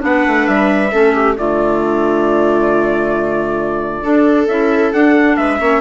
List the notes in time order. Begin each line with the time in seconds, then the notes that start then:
0.00 B3 D4 F#5
0.06 B4
0.26 A3
0.47 G3 E5
0.92 A3 C#4 A4
1.14 G4
1.37 D3 A3 F4 D5
4.02 D4 A4
4.48 C#4 E4 E5
4.93 D4 F#5
5.36 G#3 B4 E5
5.59 A#3 C#4 C#5